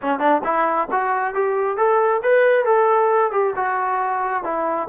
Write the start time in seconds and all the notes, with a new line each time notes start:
0.01 C#4
0.19 D4
0.43 E4
0.91 F#4
1.34 G4
1.77 A4
2.22 B4
2.65 A4
3.31 G4
3.56 F#4
4.43 E4